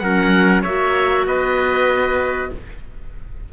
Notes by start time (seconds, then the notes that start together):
0.00 F#3 C#4 A#4 F#5
0.62 A#3 F#4 C#5 E5
1.26 B3 B4 D#5